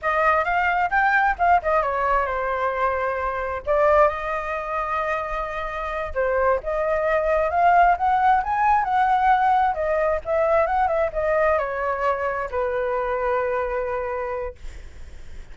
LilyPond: \new Staff \with { instrumentName = "flute" } { \time 4/4 \tempo 4 = 132 dis''4 f''4 g''4 f''8 dis''8 | cis''4 c''2. | d''4 dis''2.~ | dis''4. c''4 dis''4.~ |
dis''8 f''4 fis''4 gis''4 fis''8~ | fis''4. dis''4 e''4 fis''8 | e''8 dis''4 cis''2 b'8~ | b'1 | }